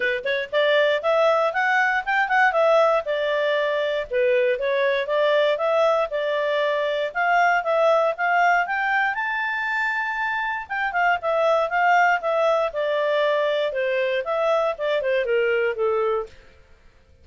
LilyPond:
\new Staff \with { instrumentName = "clarinet" } { \time 4/4 \tempo 4 = 118 b'8 cis''8 d''4 e''4 fis''4 | g''8 fis''8 e''4 d''2 | b'4 cis''4 d''4 e''4 | d''2 f''4 e''4 |
f''4 g''4 a''2~ | a''4 g''8 f''8 e''4 f''4 | e''4 d''2 c''4 | e''4 d''8 c''8 ais'4 a'4 | }